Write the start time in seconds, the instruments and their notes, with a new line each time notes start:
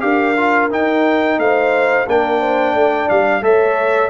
0.00 tuba D4, trombone G4, horn A#4, trumpet F5
0.37 trombone F4
0.70 tuba D#4, trombone D#4, trumpet G5
1.37 tuba A3, horn C5, trumpet F5
2.07 tuba A#3, trombone D4, horn A#4, trumpet G5
2.40 horn C5
2.73 tuba A3, horn D5
3.09 tuba G3, trumpet F5
3.41 tuba A3, trombone A4, horn C#5, trumpet E5